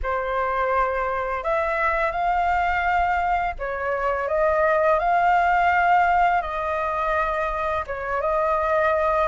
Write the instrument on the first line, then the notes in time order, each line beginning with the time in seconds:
flute
0.03 C5
1.43 E5
2.11 F5
3.58 C#5
4.28 D#5
4.99 F5
6.41 D#5
7.86 C#5
8.21 D#5